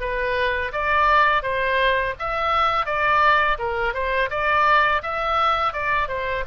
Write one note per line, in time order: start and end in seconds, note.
0.00 0.71 B4
0.72 1.43 D5
1.43 2.14 C5
2.19 2.86 E5
2.86 3.57 D5
3.58 3.94 A#4
3.94 4.29 C5
4.30 5.02 D5
5.03 5.73 E5
5.73 6.08 D5
6.08 6.44 C5